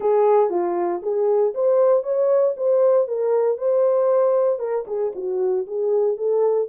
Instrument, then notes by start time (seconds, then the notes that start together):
horn
0.00 G#4
0.50 F4
1.02 G#4
1.54 C5
2.03 C#5
2.56 C5
3.07 A#4
3.57 C5
4.59 A#4
4.87 G#4
5.15 F#4
5.66 G#4
6.17 A4